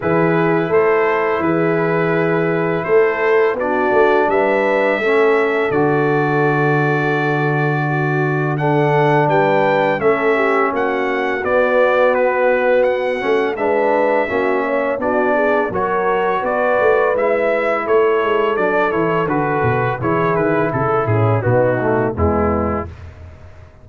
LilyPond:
<<
  \new Staff \with { instrumentName = "trumpet" } { \time 4/4 \tempo 4 = 84 b'4 c''4 b'2 | c''4 d''4 e''2 | d''1 | fis''4 g''4 e''4 fis''4 |
d''4 b'4 fis''4 e''4~ | e''4 d''4 cis''4 d''4 | e''4 cis''4 d''8 cis''8 b'4 | cis''8 b'8 a'8 gis'8 fis'4 e'4 | }
  \new Staff \with { instrumentName = "horn" } { \time 4/4 gis'4 a'4 gis'2 | a'4 fis'4 b'4 a'4~ | a'2. fis'4 | a'4 b'4 a'8 g'8 fis'4~ |
fis'2. b'4 | fis'8 cis''8 fis'8 gis'8 ais'4 b'4~ | b'4 a'2. | gis'4 a'8 cis'8 dis'4 b4 | }
  \new Staff \with { instrumentName = "trombone" } { \time 4/4 e'1~ | e'4 d'2 cis'4 | fis'1 | d'2 cis'2 |
b2~ b8 cis'8 d'4 | cis'4 d'4 fis'2 | e'2 d'8 e'8 fis'4 | e'2 b8 a8 gis4 | }
  \new Staff \with { instrumentName = "tuba" } { \time 4/4 e4 a4 e2 | a4 b8 a8 g4 a4 | d1~ | d4 g4 a4 ais4 |
b2~ b8 a8 gis4 | ais4 b4 fis4 b8 a8 | gis4 a8 gis8 fis8 e8 d8 b,8 | e8 dis8 cis8 a,8 b,4 e,4 | }
>>